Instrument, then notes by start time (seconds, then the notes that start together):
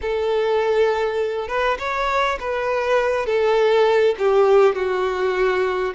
violin
0.01 A4
1.48 B4
1.78 C#5
2.40 B4
3.26 A4
4.18 G4
4.75 F#4